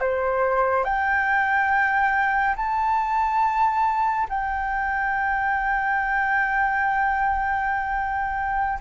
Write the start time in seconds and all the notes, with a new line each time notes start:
0.00 C5
0.84 G5
2.56 A5
4.29 G5